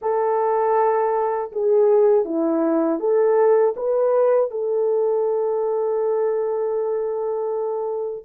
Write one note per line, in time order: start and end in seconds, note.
0.01 1.51 A4
1.52 2.24 G#4
2.24 2.99 E4
2.99 3.74 A4
3.76 4.50 B4
4.50 8.24 A4